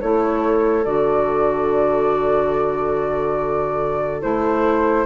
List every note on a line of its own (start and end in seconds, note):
0.00 0.86 A3
0.00 0.85 E4
0.00 5.06 A4
0.00 0.85 C#5
0.85 4.24 D3
0.85 4.22 F#4
0.85 4.22 D5
4.22 5.06 A3
4.22 5.06 E4
4.22 5.06 C5